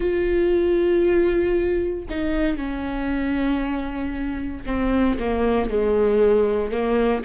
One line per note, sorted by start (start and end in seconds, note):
0.00 2.05 F4
2.09 2.56 D#4
2.56 4.63 C#4
4.66 5.17 C4
5.19 5.69 A#3
5.69 6.71 G#3
6.71 7.22 A#3